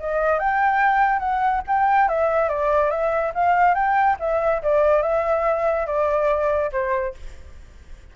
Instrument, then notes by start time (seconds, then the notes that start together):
flute
0.00 D#5
0.40 G5
1.20 F#5
1.68 G5
2.09 E5
2.49 D5
2.91 E5
3.35 F5
3.75 G5
4.20 E5
4.63 D5
5.03 E5
5.87 D5
6.73 C5